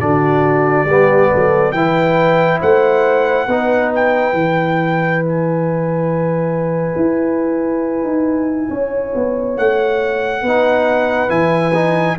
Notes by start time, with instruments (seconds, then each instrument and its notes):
0.00 tuba D3, trombone D4, horn F#4, trumpet D5
0.85 tuba G3, trombone B3, horn G4
1.31 tuba F#3, horn A4
1.72 tuba E3, trombone E4, horn B4, trumpet G5
2.60 tuba A3, horn C5, trumpet F#5
3.47 tuba B3, trombone D#4, horn B4
3.95 trumpet G5
4.33 tuba E3, trombone E4
5.25 trumpet G#5
6.96 tuba E4
8.04 tuba D#4
8.70 tuba C#4, horn C#5
9.15 tuba B3
9.57 tuba A3, trumpet F#5
10.42 tuba B3, trombone D#4, horn B4
11.29 tuba E3, trombone E4, trumpet G#5
11.74 trombone D#4